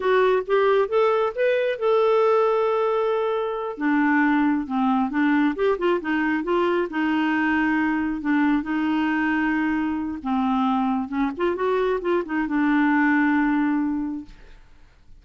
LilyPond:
\new Staff \with { instrumentName = "clarinet" } { \time 4/4 \tempo 4 = 135 fis'4 g'4 a'4 b'4 | a'1~ | a'8 d'2 c'4 d'8~ | d'8 g'8 f'8 dis'4 f'4 dis'8~ |
dis'2~ dis'8 d'4 dis'8~ | dis'2. c'4~ | c'4 cis'8 f'8 fis'4 f'8 dis'8 | d'1 | }